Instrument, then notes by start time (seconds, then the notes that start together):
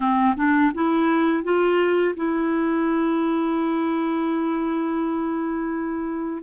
clarinet
0.00 C4
0.36 D4
0.74 E4
1.43 F4
2.16 E4